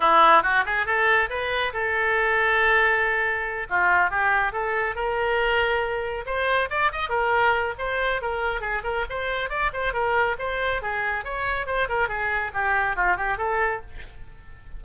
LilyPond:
\new Staff \with { instrumentName = "oboe" } { \time 4/4 \tempo 4 = 139 e'4 fis'8 gis'8 a'4 b'4 | a'1~ | a'8 f'4 g'4 a'4 ais'8~ | ais'2~ ais'8 c''4 d''8 |
dis''8 ais'4. c''4 ais'4 | gis'8 ais'8 c''4 d''8 c''8 ais'4 | c''4 gis'4 cis''4 c''8 ais'8 | gis'4 g'4 f'8 g'8 a'4 | }